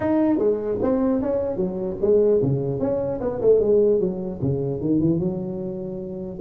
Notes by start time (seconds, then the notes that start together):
0.00 D#4
0.38 G#3
0.81 C4
1.21 C#4
1.56 F#3
2.01 G#3
2.42 C#3
2.79 C#4
3.21 B3
3.41 A3
3.60 G#3
4.00 F#3
4.41 C#3
4.81 D#3
4.99 E3
5.19 F#3